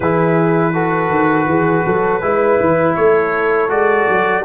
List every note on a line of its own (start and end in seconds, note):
0.00 1.10 E3
0.00 0.73 E4
0.00 0.73 G#4
0.00 2.95 B4
0.73 2.21 F#4
0.73 1.47 A4
1.10 1.47 D#3
1.47 1.84 E3
1.47 1.85 G#4
1.85 2.22 F#3
1.85 2.22 A4
2.21 2.59 G#3
2.21 3.69 E4
2.21 2.97 B4
2.60 2.97 E3
2.95 3.69 A3
2.95 4.44 A4
2.95 3.69 C#5
3.69 4.06 G#3
3.69 4.43 F#4
3.69 4.44 D5
4.08 4.44 F#3